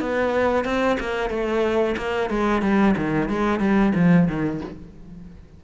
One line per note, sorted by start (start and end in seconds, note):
0.00 0.64 B3
0.64 0.97 C4
0.99 1.29 A#3
1.29 1.95 A3
1.97 2.30 A#3
2.30 2.61 G#3
2.61 2.94 G3
2.97 3.29 D#3
3.29 3.59 G#3
3.59 3.92 G3
3.95 4.27 F3
4.27 4.60 D#3